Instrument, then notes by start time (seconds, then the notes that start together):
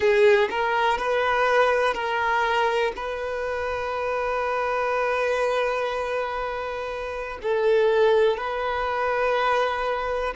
violin
0.00 G#4
0.50 A#4
0.98 B4
1.94 A#4
2.96 B4
7.42 A4
8.37 B4